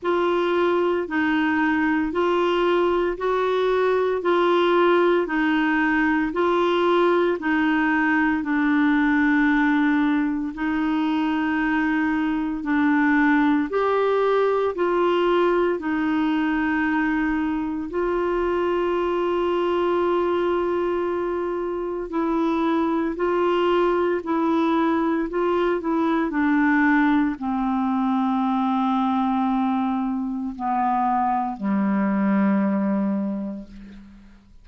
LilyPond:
\new Staff \with { instrumentName = "clarinet" } { \time 4/4 \tempo 4 = 57 f'4 dis'4 f'4 fis'4 | f'4 dis'4 f'4 dis'4 | d'2 dis'2 | d'4 g'4 f'4 dis'4~ |
dis'4 f'2.~ | f'4 e'4 f'4 e'4 | f'8 e'8 d'4 c'2~ | c'4 b4 g2 | }